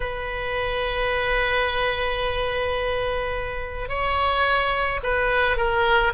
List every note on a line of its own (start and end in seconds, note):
0.00 3.88 B4
3.88 4.99 C#5
5.03 5.56 B4
5.56 6.12 A#4